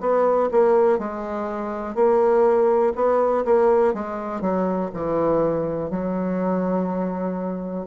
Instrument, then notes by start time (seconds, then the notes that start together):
bassoon
0.00 B3
0.51 A#3
0.98 G#3
1.94 A#3
2.95 B3
3.45 A#3
3.94 G#3
4.41 F#3
4.94 E3
5.90 F#3